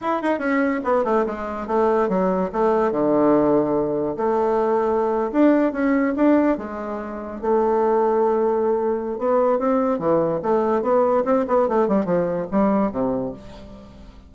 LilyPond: \new Staff \with { instrumentName = "bassoon" } { \time 4/4 \tempo 4 = 144 e'8 dis'8 cis'4 b8 a8 gis4 | a4 fis4 a4 d4~ | d2 a2~ | a8. d'4 cis'4 d'4 gis16~ |
gis4.~ gis16 a2~ a16~ | a2 b4 c'4 | e4 a4 b4 c'8 b8 | a8 g8 f4 g4 c4 | }